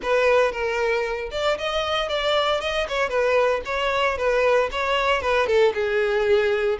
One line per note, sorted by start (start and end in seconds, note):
0.02 0.51 B4
0.51 1.30 A#4
1.31 1.57 D5
1.58 2.08 D#5
2.08 2.60 D5
2.61 2.87 D#5
2.88 3.09 C#5
3.09 3.61 B4
3.65 4.17 C#5
4.17 4.69 B4
4.71 5.21 C#5
5.21 5.46 B4
5.46 5.72 A4
5.73 6.78 G#4